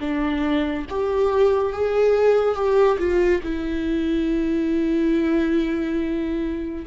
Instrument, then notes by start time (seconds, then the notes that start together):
viola
0.00 D4
0.89 G4
1.73 G#4
2.55 G4
2.99 F4
3.43 E4